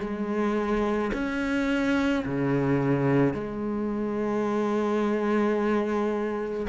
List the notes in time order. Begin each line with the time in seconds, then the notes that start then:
0.00 G#3
1.13 C#4
2.26 C#3
3.34 G#3